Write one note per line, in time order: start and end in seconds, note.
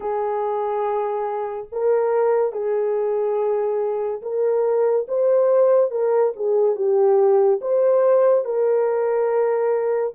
0.00 1.67 G#4
1.72 2.52 A#4
2.52 4.21 G#4
4.22 5.06 A#4
5.07 5.90 C5
5.90 6.33 A#4
6.36 6.75 G#4
6.75 7.60 G4
7.61 8.45 C5
8.45 10.14 A#4